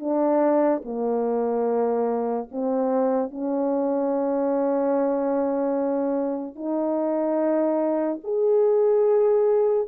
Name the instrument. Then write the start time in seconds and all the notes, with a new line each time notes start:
horn
0.00 D4
0.84 A#3
2.51 C4
3.31 C#4
6.55 D#4
8.24 G#4